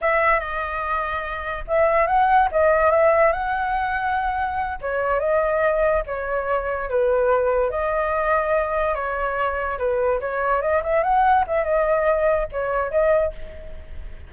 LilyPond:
\new Staff \with { instrumentName = "flute" } { \time 4/4 \tempo 4 = 144 e''4 dis''2. | e''4 fis''4 dis''4 e''4 | fis''2.~ fis''8 cis''8~ | cis''8 dis''2 cis''4.~ |
cis''8 b'2 dis''4.~ | dis''4. cis''2 b'8~ | b'8 cis''4 dis''8 e''8 fis''4 e''8 | dis''2 cis''4 dis''4 | }